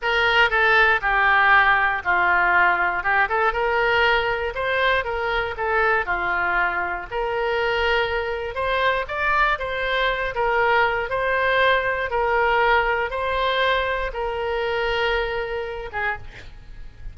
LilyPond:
\new Staff \with { instrumentName = "oboe" } { \time 4/4 \tempo 4 = 119 ais'4 a'4 g'2 | f'2 g'8 a'8 ais'4~ | ais'4 c''4 ais'4 a'4 | f'2 ais'2~ |
ais'4 c''4 d''4 c''4~ | c''8 ais'4. c''2 | ais'2 c''2 | ais'2.~ ais'8 gis'8 | }